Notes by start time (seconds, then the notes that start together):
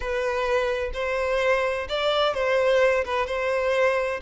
0.00 B4
0.93 C5
1.89 D5
2.34 C5
3.05 B4
3.26 C5